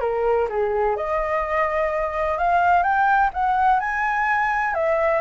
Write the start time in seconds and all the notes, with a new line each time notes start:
0.00 A#4
0.49 G#4
0.96 D#5
2.38 F5
2.83 G5
3.33 F#5
3.79 G#5
4.74 E5